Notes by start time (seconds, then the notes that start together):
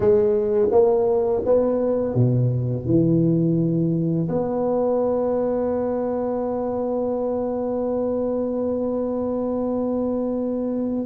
0.00 G#3
0.71 A#3
1.44 B3
2.14 B2
2.85 E3
4.29 B3